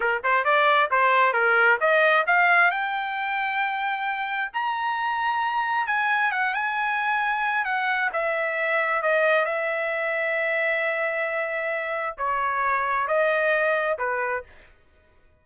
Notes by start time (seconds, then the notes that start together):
0.00 A#4
0.23 C5
0.44 D5
0.90 C5
1.33 A#4
1.80 D#5
2.26 F5
2.70 G5
4.53 A#5
5.86 G#5
6.31 F#5
6.54 G#5
7.65 F#5
8.12 E5
9.02 D#5
9.45 E5
12.17 C#5
13.07 D#5
13.98 B4